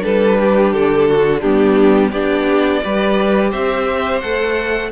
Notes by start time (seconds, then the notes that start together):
0.00 G3 D4 A4 B4
0.40 G4
0.73 D3 A4
1.09 F#4
1.41 G3 B3 D4 G4
2.11 B3 D4 G4 D5
2.83 G3 G4 B4
3.50 C4 C5 E5
4.20 A3 A4 F#5